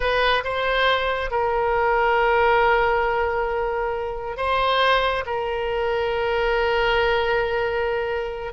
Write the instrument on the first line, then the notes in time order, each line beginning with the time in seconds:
oboe
0.00 B4
0.44 C5
1.31 A#4
4.37 C5
5.26 A#4